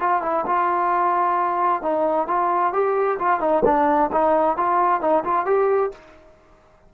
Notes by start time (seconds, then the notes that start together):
0.00 F4
0.23 E4
0.47 F4
1.83 D#4
2.27 F4
2.73 G4
3.19 F4
3.40 D#4
3.65 D4
4.13 D#4
4.57 F4
5.01 D#4
5.24 F4
5.46 G4